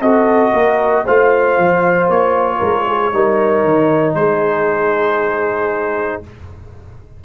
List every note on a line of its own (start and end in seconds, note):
0.00 0.52 C4
0.00 1.06 F#4
0.00 0.52 A4
0.00 1.05 D#5
0.52 1.05 A#3
0.52 1.04 A#4
1.06 1.58 A3
1.06 3.13 F4
1.06 2.58 C5
1.06 2.10 F5
1.58 2.08 F3
2.08 2.60 A#3
2.08 4.15 C#5
2.58 3.12 G#3
2.58 2.84 A#4
2.87 3.13 G#4
3.12 3.64 G3
3.12 6.23 D#4
3.12 4.18 A#4
3.64 4.15 D#3
4.15 6.22 G#3
4.15 6.25 G#4
4.15 6.22 C5